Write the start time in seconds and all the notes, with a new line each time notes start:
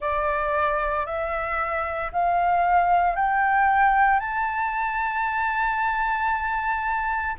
0.00 D5
1.06 E5
2.12 F5
3.15 G5
4.19 A5